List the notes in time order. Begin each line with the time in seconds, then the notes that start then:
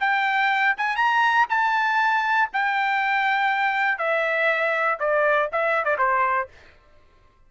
0.00 G5
0.77 G#5
0.96 A#5
1.49 A5
2.53 G5
3.98 E5
4.99 D5
5.52 E5
5.84 D5
5.98 C5